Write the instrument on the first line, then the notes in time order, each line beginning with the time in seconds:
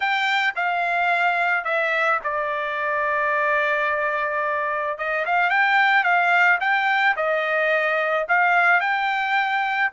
trumpet
0.00 G5
0.55 F5
1.64 E5
2.23 D5
4.97 D#5
5.25 F5
5.50 G5
6.03 F5
6.60 G5
7.16 D#5
8.28 F5
8.80 G5